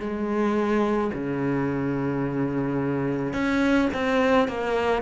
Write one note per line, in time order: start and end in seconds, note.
0.00 1.11 G#3
1.14 3.33 C#3
3.33 3.89 C#4
3.93 4.48 C4
4.48 5.02 A#3